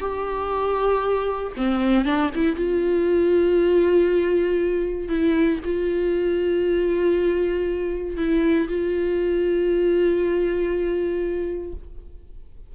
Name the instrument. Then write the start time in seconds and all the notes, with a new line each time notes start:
viola
0.00 G4
1.56 C4
2.05 D4
2.35 E4
2.56 F4
5.09 E4
5.64 F4
8.17 E4
8.68 F4